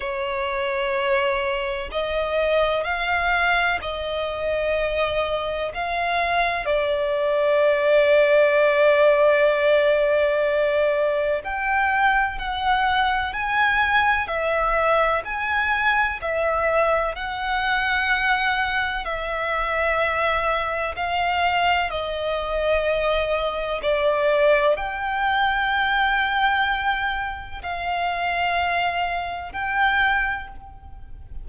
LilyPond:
\new Staff \with { instrumentName = "violin" } { \time 4/4 \tempo 4 = 63 cis''2 dis''4 f''4 | dis''2 f''4 d''4~ | d''1 | g''4 fis''4 gis''4 e''4 |
gis''4 e''4 fis''2 | e''2 f''4 dis''4~ | dis''4 d''4 g''2~ | g''4 f''2 g''4 | }